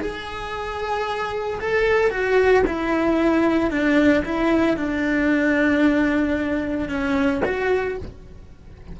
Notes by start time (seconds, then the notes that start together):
0.00 G#4
1.60 A4
2.10 F#4
2.66 E4
3.70 D4
4.25 E4
4.76 D4
6.89 C#4
7.45 F#4